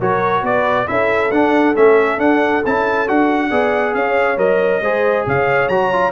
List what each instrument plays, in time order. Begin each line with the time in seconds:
0.00 tuba F#3, trombone F#4, horn A#4, trumpet C#5
0.43 tuba B3, horn B4, trumpet D5
0.87 tuba C#4, trombone E4, horn A4, trumpet E5
1.31 tuba D4, trombone D4, trumpet F#5
1.75 tuba A3, trombone C#4, trumpet E5
2.18 tuba D4, trombone D4, trumpet F#5
2.66 tuba C#4, trombone E4, trumpet A5
3.07 tuba D4, trombone F#4, trumpet F#5
3.50 tuba B3, trombone G#4, horn D5
3.95 tuba C#4, horn C#5, trumpet F5
4.37 tuba F#3, trombone A#4, trumpet D#5
4.81 tuba G#3, trombone G#4, horn C5
5.26 tuba C#3, horn C#5, trumpet F5
5.69 tuba F#3, trombone F#4, trumpet A#5
5.93 trombone F4